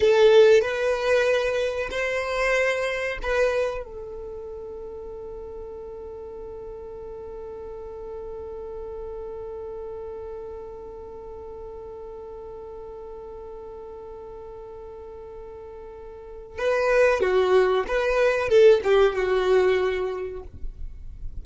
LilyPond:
\new Staff \with { instrumentName = "violin" } { \time 4/4 \tempo 4 = 94 a'4 b'2 c''4~ | c''4 b'4 a'2~ | a'1~ | a'1~ |
a'1~ | a'1~ | a'2 b'4 fis'4 | b'4 a'8 g'8 fis'2 | }